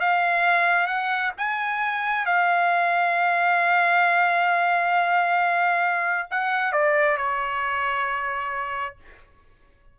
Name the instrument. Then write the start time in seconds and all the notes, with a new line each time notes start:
trumpet
0.00 F5
0.87 F#5
1.37 G#5
2.26 F5
6.31 F#5
6.72 D5
7.17 C#5